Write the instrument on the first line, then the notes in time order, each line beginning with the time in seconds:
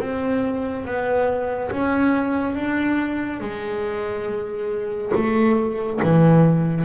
double bass
0.00 C4
0.85 B3
1.71 C#4
2.55 D4
3.41 G#3
5.15 A3
6.03 E3